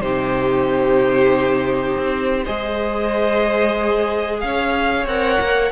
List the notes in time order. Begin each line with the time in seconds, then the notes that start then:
0.00 C3 D#4 G4 C5
1.97 C4
2.44 G#3 G#4 C5 D#5
4.40 C#4 C#5 F5
5.05 C4 A#4 F#5
5.40 A#3